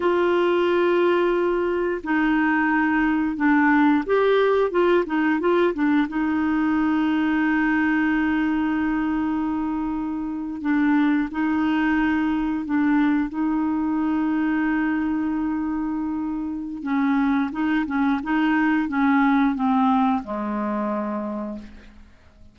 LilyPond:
\new Staff \with { instrumentName = "clarinet" } { \time 4/4 \tempo 4 = 89 f'2. dis'4~ | dis'4 d'4 g'4 f'8 dis'8 | f'8 d'8 dis'2.~ | dis'2.~ dis'8. d'16~ |
d'8. dis'2 d'4 dis'16~ | dis'1~ | dis'4 cis'4 dis'8 cis'8 dis'4 | cis'4 c'4 gis2 | }